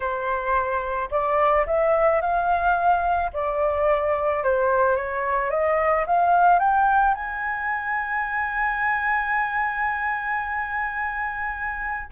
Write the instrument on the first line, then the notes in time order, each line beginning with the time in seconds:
flute
0.00 C5
1.11 D5
1.66 E5
2.21 F5
3.33 D5
4.43 C5
4.95 C#5
5.50 D#5
6.06 F5
6.59 G5
7.14 G#5